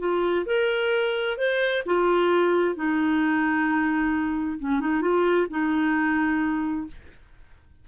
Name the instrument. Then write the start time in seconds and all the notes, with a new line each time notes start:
clarinet
0.00 F4
0.46 A#4
1.38 C5
1.86 F4
2.76 D#4
4.59 C#4
4.81 D#4
5.02 F4
5.50 D#4